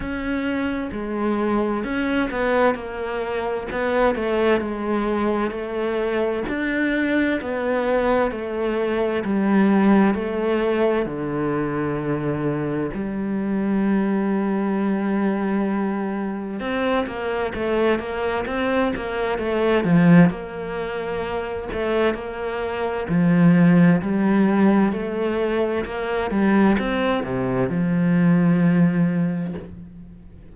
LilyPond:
\new Staff \with { instrumentName = "cello" } { \time 4/4 \tempo 4 = 65 cis'4 gis4 cis'8 b8 ais4 | b8 a8 gis4 a4 d'4 | b4 a4 g4 a4 | d2 g2~ |
g2 c'8 ais8 a8 ais8 | c'8 ais8 a8 f8 ais4. a8 | ais4 f4 g4 a4 | ais8 g8 c'8 c8 f2 | }